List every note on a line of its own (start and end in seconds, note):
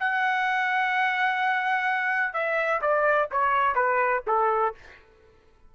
0.00 2.34 F#5
2.34 2.81 E5
2.82 3.29 D5
3.32 3.76 C#5
3.76 4.23 B4
4.27 4.75 A4